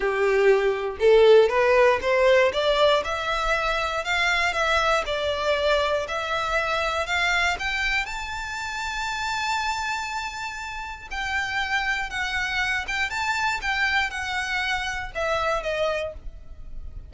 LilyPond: \new Staff \with { instrumentName = "violin" } { \time 4/4 \tempo 4 = 119 g'2 a'4 b'4 | c''4 d''4 e''2 | f''4 e''4 d''2 | e''2 f''4 g''4 |
a''1~ | a''2 g''2 | fis''4. g''8 a''4 g''4 | fis''2 e''4 dis''4 | }